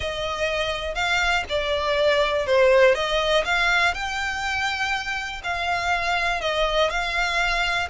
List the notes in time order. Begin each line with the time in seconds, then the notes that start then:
0.00 D#5
0.95 F5
1.49 D5
2.46 C5
2.94 D#5
3.44 F5
3.93 G5
5.43 F5
6.40 D#5
6.90 F5